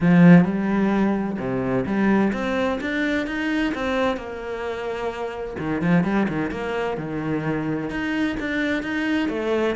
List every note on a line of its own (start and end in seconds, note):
0.00 0.44 F3
0.44 1.37 G3
1.38 1.85 C3
1.85 2.32 G3
2.33 2.79 C4
2.80 3.27 D4
3.27 3.73 D#4
3.74 4.16 C4
4.16 5.56 A#3
5.58 5.81 D#3
5.81 6.03 F3
6.03 6.27 G3
6.28 6.50 D#3
6.50 6.97 A#3
6.97 7.89 D#3
7.89 8.36 D#4
8.39 8.82 D4
8.82 9.29 D#4
9.29 9.75 A3